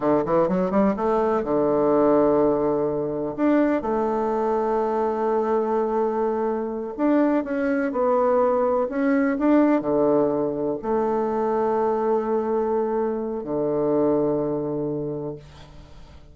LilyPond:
\new Staff \with { instrumentName = "bassoon" } { \time 4/4 \tempo 4 = 125 d8 e8 fis8 g8 a4 d4~ | d2. d'4 | a1~ | a2~ a8 d'4 cis'8~ |
cis'8 b2 cis'4 d'8~ | d'8 d2 a4.~ | a1 | d1 | }